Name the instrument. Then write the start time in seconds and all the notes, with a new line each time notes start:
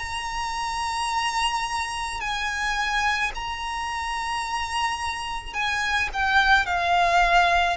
violin
0.00 A#5
2.21 G#5
3.35 A#5
5.54 G#5
6.14 G5
6.67 F5